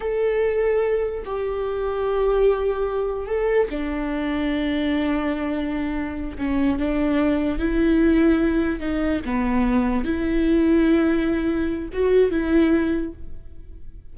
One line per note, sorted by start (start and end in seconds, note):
0.00 1.23 A4
1.25 3.26 G4
3.26 3.67 A4
3.70 6.37 D4
6.38 6.78 C#4
6.78 7.58 D4
7.58 8.80 E4
8.80 9.21 D#4
9.25 10.04 B3
10.04 11.89 E4
11.92 12.30 F#4
12.30 13.13 E4